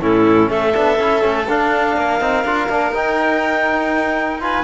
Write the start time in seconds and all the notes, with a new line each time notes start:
0.00 A2 C#4 E4 A4
0.50 A3 A4 E5
0.74 B3 D4
0.99 C#4 E4
1.21 A3 C#4
1.49 D4 F5
1.97 A#3 A#4
2.21 C4 D#4
2.45 D4 F4
2.69 A#3 D4
2.92 D#4 G5
4.41 F4 B4 G#5